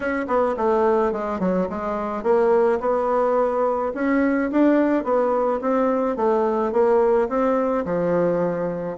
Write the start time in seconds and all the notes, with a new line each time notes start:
0.00 C#4
0.27 B3
0.56 A3
1.12 G#3
1.39 F#3
1.69 G#3
2.23 A#3
2.80 B3
3.94 C#4
4.51 D4
5.04 B3
5.61 C4
6.16 A3
6.72 A#3
7.28 C4
7.85 F3